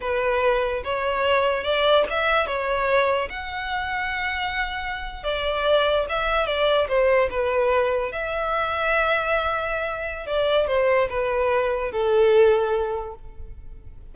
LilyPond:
\new Staff \with { instrumentName = "violin" } { \time 4/4 \tempo 4 = 146 b'2 cis''2 | d''4 e''4 cis''2 | fis''1~ | fis''8. d''2 e''4 d''16~ |
d''8. c''4 b'2 e''16~ | e''1~ | e''4 d''4 c''4 b'4~ | b'4 a'2. | }